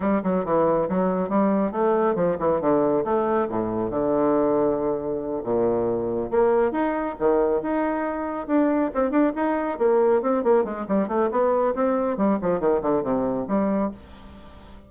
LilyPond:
\new Staff \with { instrumentName = "bassoon" } { \time 4/4 \tempo 4 = 138 g8 fis8 e4 fis4 g4 | a4 f8 e8 d4 a4 | a,4 d2.~ | d8 ais,2 ais4 dis'8~ |
dis'8 dis4 dis'2 d'8~ | d'8 c'8 d'8 dis'4 ais4 c'8 | ais8 gis8 g8 a8 b4 c'4 | g8 f8 dis8 d8 c4 g4 | }